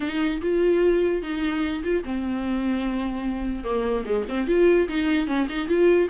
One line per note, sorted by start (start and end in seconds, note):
0.00 0.41 D#4
0.41 1.22 F4
1.22 1.83 D#4
1.83 2.03 F4
2.04 3.63 C4
3.63 4.04 A#3
4.05 4.25 G#3
4.28 4.47 C4
4.47 4.87 F4
4.88 5.27 D#4
5.27 5.47 C#4
5.49 5.68 D#4
5.68 6.08 F4